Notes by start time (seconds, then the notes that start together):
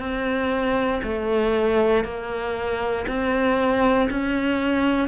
0.00 C4
1.03 A3
2.04 A#3
3.07 C4
4.10 C#4